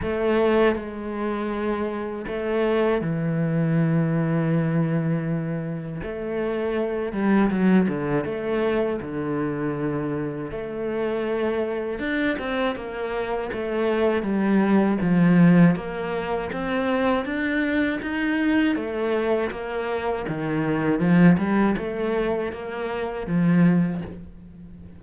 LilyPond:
\new Staff \with { instrumentName = "cello" } { \time 4/4 \tempo 4 = 80 a4 gis2 a4 | e1 | a4. g8 fis8 d8 a4 | d2 a2 |
d'8 c'8 ais4 a4 g4 | f4 ais4 c'4 d'4 | dis'4 a4 ais4 dis4 | f8 g8 a4 ais4 f4 | }